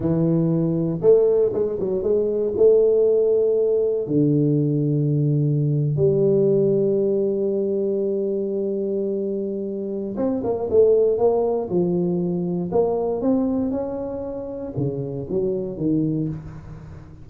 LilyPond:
\new Staff \with { instrumentName = "tuba" } { \time 4/4 \tempo 4 = 118 e2 a4 gis8 fis8 | gis4 a2. | d2.~ d8. g16~ | g1~ |
g1 | c'8 ais8 a4 ais4 f4~ | f4 ais4 c'4 cis'4~ | cis'4 cis4 fis4 dis4 | }